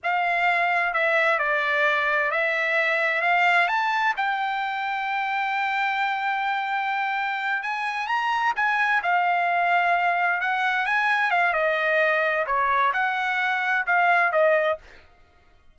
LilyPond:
\new Staff \with { instrumentName = "trumpet" } { \time 4/4 \tempo 4 = 130 f''2 e''4 d''4~ | d''4 e''2 f''4 | a''4 g''2.~ | g''1~ |
g''8 gis''4 ais''4 gis''4 f''8~ | f''2~ f''8 fis''4 gis''8~ | gis''8 f''8 dis''2 cis''4 | fis''2 f''4 dis''4 | }